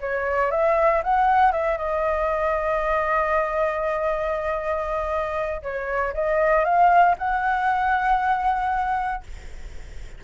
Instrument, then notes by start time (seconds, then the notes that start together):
flute
0.00 C#5
0.51 E5
1.03 F#5
1.52 E5
1.77 D#5
5.62 C#5
6.14 D#5
6.64 F5
7.18 F#5